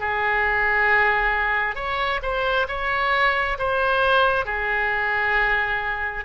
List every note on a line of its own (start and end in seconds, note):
0.00 1.76 G#4
1.76 2.21 C#5
2.23 2.67 C5
2.68 3.58 C#5
3.59 4.45 C5
4.45 6.24 G#4